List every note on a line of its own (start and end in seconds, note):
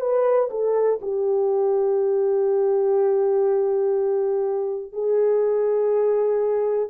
0.00 0.49 B4
0.50 0.99 A4
1.01 4.92 G4
4.92 6.89 G#4